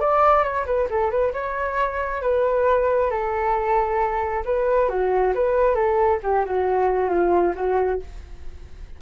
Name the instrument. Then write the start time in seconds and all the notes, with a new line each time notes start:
flute
0.00 D5
0.43 C#5
0.66 B4
0.90 A4
1.10 B4
1.33 C#5
2.22 B4
3.11 A4
4.45 B4
4.89 F#4
5.34 B4
5.75 A4
6.23 G4
6.45 F#4
7.09 F4
7.55 F#4